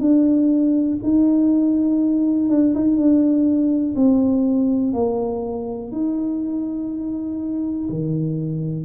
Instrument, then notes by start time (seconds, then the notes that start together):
tuba
0.00 D4
1.03 D#4
2.50 D4
2.75 D#4
2.97 D4
3.96 C4
4.94 A#3
5.92 D#4
7.90 D#3